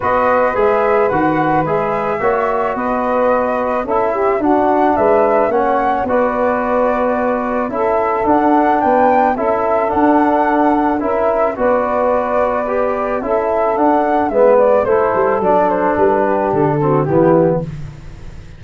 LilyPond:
<<
  \new Staff \with { instrumentName = "flute" } { \time 4/4 \tempo 4 = 109 dis''4 e''4 fis''4 e''4~ | e''4 dis''2 e''4 | fis''4 e''4 fis''4 d''4~ | d''2 e''4 fis''4 |
g''4 e''4 fis''2 | e''4 d''2. | e''4 fis''4 e''8 d''8 c''4 | d''8 c''8 b'4 a'4 g'4 | }
  \new Staff \with { instrumentName = "saxophone" } { \time 4/4 b'1 | cis''4 b'2 a'8 g'8 | fis'4 b'4 cis''4 b'4~ | b'2 a'2 |
b'4 a'2. | ais'4 b'2. | a'2 b'4 a'4~ | a'4. g'4 fis'8 e'4 | }
  \new Staff \with { instrumentName = "trombone" } { \time 4/4 fis'4 gis'4 fis'4 gis'4 | fis'2. e'4 | d'2 cis'4 fis'4~ | fis'2 e'4 d'4~ |
d'4 e'4 d'2 | e'4 fis'2 g'4 | e'4 d'4 b4 e'4 | d'2~ d'8 c'8 b4 | }
  \new Staff \with { instrumentName = "tuba" } { \time 4/4 b4 gis4 dis4 gis4 | ais4 b2 cis'4 | d'4 gis4 ais4 b4~ | b2 cis'4 d'4 |
b4 cis'4 d'2 | cis'4 b2. | cis'4 d'4 gis4 a8 g8 | fis4 g4 d4 e4 | }
>>